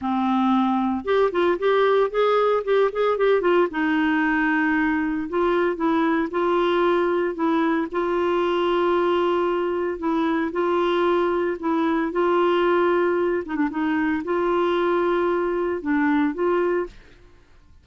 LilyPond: \new Staff \with { instrumentName = "clarinet" } { \time 4/4 \tempo 4 = 114 c'2 g'8 f'8 g'4 | gis'4 g'8 gis'8 g'8 f'8 dis'4~ | dis'2 f'4 e'4 | f'2 e'4 f'4~ |
f'2. e'4 | f'2 e'4 f'4~ | f'4. dis'16 d'16 dis'4 f'4~ | f'2 d'4 f'4 | }